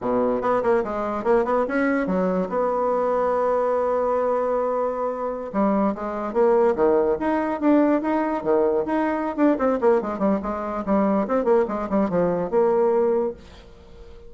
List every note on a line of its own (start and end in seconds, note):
0.01 0.41 B2
0.41 0.62 B3
0.62 0.83 A#3
0.84 1.23 G#3
1.23 1.44 A#3
1.44 1.65 B3
1.67 2.06 C#4
2.06 2.48 F#3
2.49 5.51 B3
5.52 5.94 G3
5.95 6.33 G#3
6.33 6.75 A#3
6.75 7.17 D#3
7.19 7.60 D#4
7.60 8.01 D4
8.01 8.43 D#4
8.43 8.84 D#3
8.85 9.36 D#4
9.36 9.57 D4
9.58 9.79 C4
9.80 10.01 A#3
10.01 10.18 G#3
10.18 10.39 G3
10.42 10.84 G#3
10.85 11.27 G3
11.27 11.44 C4
11.44 11.65 A#3
11.68 11.88 G#3
11.89 12.09 G3
12.09 12.50 F3
12.50 13.33 A#3